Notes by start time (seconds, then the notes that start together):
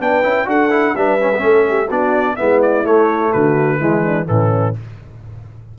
0.00 B3 D4 B4 G5
0.23 C#4 E4
0.45 D4 F#4 A4 F#5
0.71 E4
0.95 G3 D4 B4 E5
1.21 C#4
1.34 B3 C#4
1.43 A3 A4
1.69 G4
1.87 B3 D4 F#4 D5
2.36 G#3 B3 E4 E5
2.62 D5
2.84 A3 C#5
3.33 D3 F#4 B4
3.80 E3 G#3 E4
4.04 D4
4.26 A2 E3 C#4 A4